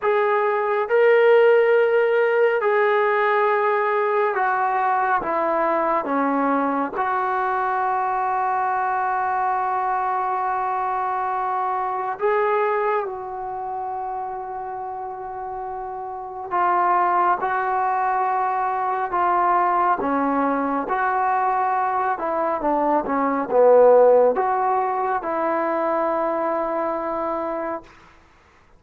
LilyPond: \new Staff \with { instrumentName = "trombone" } { \time 4/4 \tempo 4 = 69 gis'4 ais'2 gis'4~ | gis'4 fis'4 e'4 cis'4 | fis'1~ | fis'2 gis'4 fis'4~ |
fis'2. f'4 | fis'2 f'4 cis'4 | fis'4. e'8 d'8 cis'8 b4 | fis'4 e'2. | }